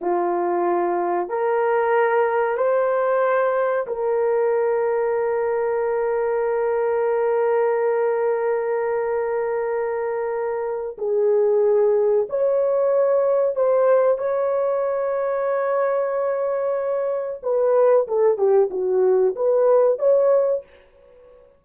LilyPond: \new Staff \with { instrumentName = "horn" } { \time 4/4 \tempo 4 = 93 f'2 ais'2 | c''2 ais'2~ | ais'1~ | ais'1~ |
ais'4 gis'2 cis''4~ | cis''4 c''4 cis''2~ | cis''2. b'4 | a'8 g'8 fis'4 b'4 cis''4 | }